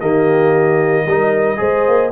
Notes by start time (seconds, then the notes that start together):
0.00 D#3 A#3 G4 D#5
1.04 G3 D#4 A#4
1.56 G#3 G#4 C5
1.87 A#3